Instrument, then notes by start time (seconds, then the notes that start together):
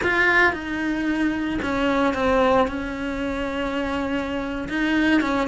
cello
0.03 F4
0.52 D#4
1.62 C#4
2.14 C4
2.67 C#4
4.69 D#4
5.21 C#4